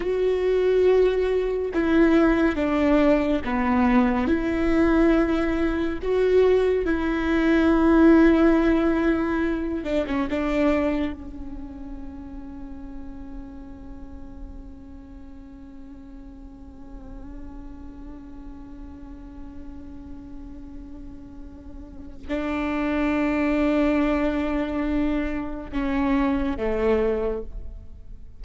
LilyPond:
\new Staff \with { instrumentName = "viola" } { \time 4/4 \tempo 4 = 70 fis'2 e'4 d'4 | b4 e'2 fis'4 | e'2.~ e'8 d'16 cis'16 | d'4 cis'2.~ |
cis'1~ | cis'1~ | cis'2 d'2~ | d'2 cis'4 a4 | }